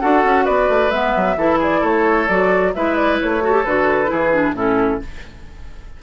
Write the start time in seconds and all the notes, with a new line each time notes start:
0.00 D4 F#4 A4 F#5
0.24 C#4
0.45 B3 B4 D5
0.69 A3
0.90 G#3 B3 E5
1.16 F#3
1.37 E3 E4 A4
1.59 G#4 D5
1.80 A3 A4 C#5
2.28 F#3 F#4 D5
2.75 G#3 E4 B4 E5
2.95 D5
3.21 A3 C#5
3.42 F#4 A4
3.52 G4
3.64 D3 F#4 B4
4.06 E3 E4 G#4
4.33 D4
4.53 A2 C#4 E4 A4